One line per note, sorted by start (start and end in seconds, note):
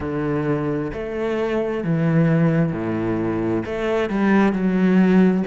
0.00 0.91 D3
0.93 1.83 A3
1.83 2.72 E3
2.72 3.63 A2
3.65 4.09 A3
4.09 4.52 G3
4.52 5.43 F#3